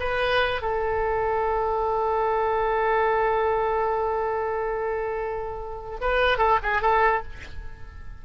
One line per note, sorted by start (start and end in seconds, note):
0.00 0.62 B4
0.62 6.00 A4
6.02 6.39 B4
6.39 6.59 A4
6.63 6.82 G#4
6.82 7.23 A4